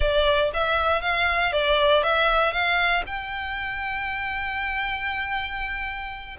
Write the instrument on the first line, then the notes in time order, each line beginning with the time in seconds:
violin
0.00 D5
0.53 E5
1.01 F5
1.52 D5
2.03 E5
2.52 F5
3.06 G5